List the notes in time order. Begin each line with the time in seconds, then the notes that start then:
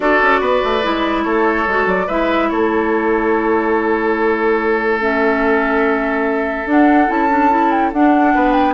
0.00 D4 F#4 A4 D5
0.22 C#4
0.40 B3 B4
0.64 A3
0.82 G#3 E4
1.23 A3 A4 C#5
1.67 G#3 F#4
1.86 F#3 D5
2.07 G#3 E4 B4 E5
2.49 A3 A4 C#5
5.00 C#4 E5
6.65 D4 F#5
7.07 C#4 E4 A5
7.29 D4
7.50 E4
7.70 G5
7.92 D4 F#5
8.34 B3 B4
8.52 G5